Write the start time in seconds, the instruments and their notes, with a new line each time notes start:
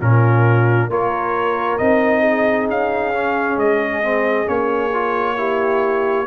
0.00 tuba A#2, trombone C#4, horn F4, trumpet A#4
0.88 tuba A#3, trombone F4, horn A#4, trumpet C#5
1.77 tuba C4, trombone D#4, trumpet D#5
2.20 horn G#4
2.68 tuba C#4, trumpet F5
3.13 trombone C#4
3.56 tuba G#3, trumpet D#5
4.03 trombone C4
4.45 tuba A#3, trombone C#4, trumpet C#5
4.93 trombone F4
5.37 trombone E4, horn G4